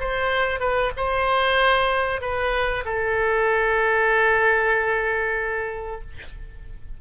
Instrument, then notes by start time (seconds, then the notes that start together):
oboe
0.00 C5
0.60 B4
0.97 C5
2.21 B4
2.86 A4